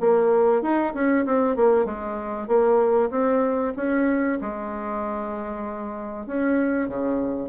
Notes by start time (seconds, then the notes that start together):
0.00 A#3
0.62 D#4
0.94 C#4
1.25 C4
1.56 A#3
1.85 G#3
2.47 A#3
3.11 C4
3.76 C#4
4.41 G#3
6.26 C#4
6.88 C#3